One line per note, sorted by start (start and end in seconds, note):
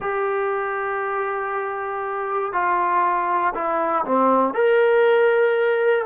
0.00 2.53 G4
2.53 3.53 F4
3.54 4.05 E4
4.05 4.54 C4
4.54 6.05 A#4